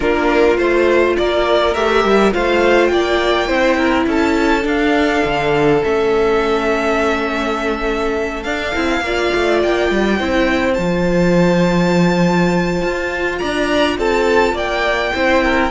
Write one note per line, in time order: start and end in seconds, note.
0.00 0.58 A#3
0.00 0.58 D4
0.00 1.13 F4
0.00 0.57 A#4
0.57 1.16 A3
0.57 1.75 F4
0.57 1.16 C5
1.17 1.75 A#3
1.17 2.33 A#4
1.17 1.74 D5
1.74 2.04 A3
1.74 2.31 G4
1.74 2.32 E5
2.04 2.33 G3
2.31 2.91 A3
2.31 3.47 F4
2.31 2.91 C5
2.31 2.87 F5
2.87 3.49 A#3
2.87 4.03 G5
2.93 3.47 D5
3.47 4.06 C4
3.47 4.62 E4
3.47 3.76 C5
3.77 4.06 A#4
4.06 4.64 C#4
4.06 9.03 A4
4.06 4.67 A5
4.62 5.79 D4
4.62 5.23 D4
4.62 5.83 F5
5.24 5.82 D3
5.83 8.44 A3
5.83 8.44 C#4
5.83 8.43 E5
8.43 8.73 D4
8.43 9.59 F5
8.74 9.00 C4
8.74 9.03 E4
9.00 9.29 A#3
9.00 10.19 F4
9.00 10.19 D5
9.34 9.64 A3
9.62 9.90 A#3
9.62 10.73 G5
9.90 10.19 G3
10.19 10.78 C4
10.19 10.77 E4
10.19 13.39 C5
10.73 12.82 F3
10.73 15.13 F4
10.73 13.35 A5
12.82 13.41 F4
13.38 13.97 D4
13.38 13.98 D5
13.38 13.96 A#5
13.97 14.52 C4
13.97 14.54 A4
13.97 14.57 A5
14.52 15.11 A#3
14.52 15.12 D5
14.52 15.71 G5
15.13 15.71 C4
15.13 15.71 E4
15.13 15.43 C5
15.43 15.71 A#4